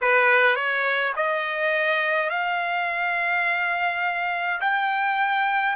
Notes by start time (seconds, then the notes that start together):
0.01 B4
0.55 C#5
1.15 D#5
2.29 F5
4.60 G5